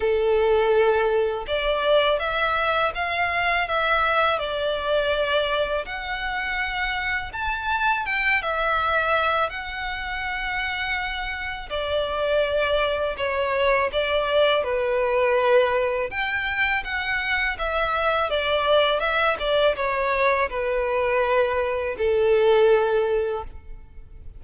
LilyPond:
\new Staff \with { instrumentName = "violin" } { \time 4/4 \tempo 4 = 82 a'2 d''4 e''4 | f''4 e''4 d''2 | fis''2 a''4 g''8 e''8~ | e''4 fis''2. |
d''2 cis''4 d''4 | b'2 g''4 fis''4 | e''4 d''4 e''8 d''8 cis''4 | b'2 a'2 | }